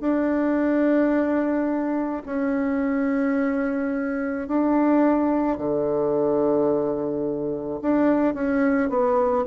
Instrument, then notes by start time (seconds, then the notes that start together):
bassoon
0.00 D4
2.26 C#4
4.48 D4
5.58 D3
7.82 D4
8.34 C#4
8.89 B3